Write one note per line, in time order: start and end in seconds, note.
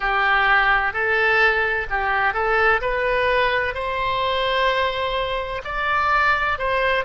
0.00 0.93 G4
0.93 1.87 A4
1.90 2.34 G4
2.34 2.80 A4
2.81 3.74 B4
3.74 5.62 C5
5.64 6.58 D5
6.58 7.04 C5